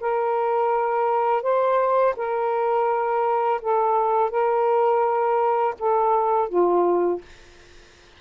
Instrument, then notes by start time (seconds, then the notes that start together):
saxophone
0.00 A#4
1.42 C5
2.16 A#4
3.61 A4
4.30 A#4
5.79 A4
6.49 F4